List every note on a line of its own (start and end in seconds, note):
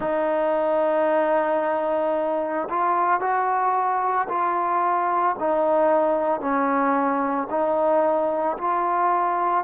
0.00 2.68 D#4
2.69 3.20 F4
3.20 4.27 F#4
4.29 5.36 F4
5.39 6.40 D#4
6.40 7.47 C#4
7.50 8.57 D#4
8.57 9.64 F4